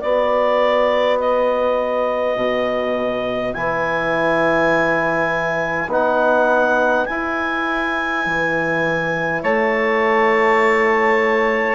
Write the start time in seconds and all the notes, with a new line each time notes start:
0.00 B3 F#4 B4 D5
1.19 D#5
2.36 B2
3.53 E3 E4 G#5
5.87 B3 D#4 F#5
7.05 E4 G#5
8.25 E3
9.42 A3 C#5 A5